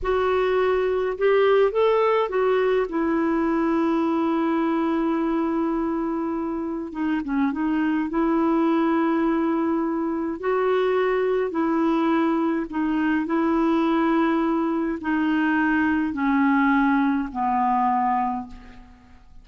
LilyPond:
\new Staff \with { instrumentName = "clarinet" } { \time 4/4 \tempo 4 = 104 fis'2 g'4 a'4 | fis'4 e'2.~ | e'1 | dis'8 cis'8 dis'4 e'2~ |
e'2 fis'2 | e'2 dis'4 e'4~ | e'2 dis'2 | cis'2 b2 | }